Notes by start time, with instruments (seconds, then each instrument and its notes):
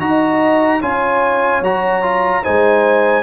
0.00 tuba D#4, trombone F#4, horn D#5, trumpet A#5
0.81 tuba C#4, trombone F4, horn C#5, trumpet G#5
1.61 tuba F#3, trombone F#4, trumpet A#5
2.03 trombone F4
2.43 tuba G#3, trombone D#4, horn C5, trumpet G#5